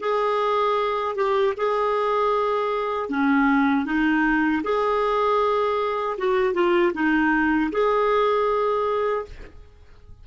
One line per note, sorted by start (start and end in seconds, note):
0.00 1.15 G#4
1.15 1.54 G4
1.57 3.09 G#4
3.09 3.85 C#4
3.85 4.62 D#4
4.63 6.17 G#4
6.17 6.53 F#4
6.53 6.92 F4
6.94 7.71 D#4
7.72 9.26 G#4